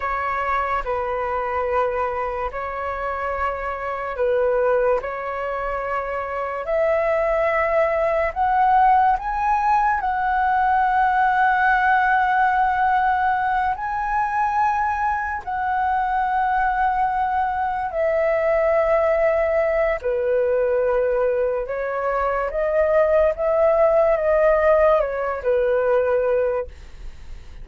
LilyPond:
\new Staff \with { instrumentName = "flute" } { \time 4/4 \tempo 4 = 72 cis''4 b'2 cis''4~ | cis''4 b'4 cis''2 | e''2 fis''4 gis''4 | fis''1~ |
fis''8 gis''2 fis''4.~ | fis''4. e''2~ e''8 | b'2 cis''4 dis''4 | e''4 dis''4 cis''8 b'4. | }